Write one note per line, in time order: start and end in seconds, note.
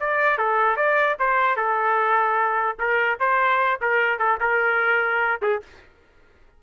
0.00 0.38 D5
0.38 0.76 A4
0.76 1.17 D5
1.19 1.56 C5
1.56 2.77 A4
2.79 3.19 A#4
3.20 3.80 C5
3.81 4.18 A#4
4.18 4.39 A4
4.40 5.41 A#4
5.42 5.62 G#4